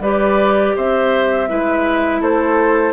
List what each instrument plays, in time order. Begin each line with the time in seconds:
0.00 bassoon G3, clarinet G4, oboe B4, flute D5
0.76 bassoon C4, oboe C5, flute E5
1.49 bassoon G#3, clarinet E4, oboe B4
2.21 bassoon A3, oboe A4, flute C5